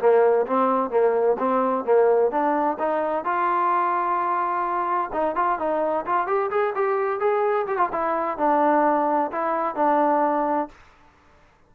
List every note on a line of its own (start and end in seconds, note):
0.00 0.47 A#3
0.47 0.90 C4
0.90 1.37 A#3
1.39 1.85 C4
1.85 2.31 A#3
2.31 2.78 D4
2.79 3.25 D#4
3.25 5.11 F4
5.13 5.36 D#4
5.36 5.59 F4
5.59 6.06 D#4
6.06 6.27 F4
6.27 6.51 G4
6.51 6.74 G#4
6.75 7.20 G4
7.20 7.66 G#4
7.67 7.77 G4
7.77 7.89 F4
7.92 8.38 E4
8.38 9.31 D4
9.32 9.76 E4
9.76 10.69 D4